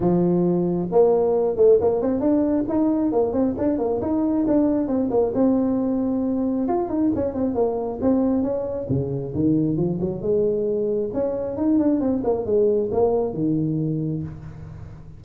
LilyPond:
\new Staff \with { instrumentName = "tuba" } { \time 4/4 \tempo 4 = 135 f2 ais4. a8 | ais8 c'8 d'4 dis'4 ais8 c'8 | d'8 ais8 dis'4 d'4 c'8 ais8 | c'2. f'8 dis'8 |
cis'8 c'8 ais4 c'4 cis'4 | cis4 dis4 f8 fis8 gis4~ | gis4 cis'4 dis'8 d'8 c'8 ais8 | gis4 ais4 dis2 | }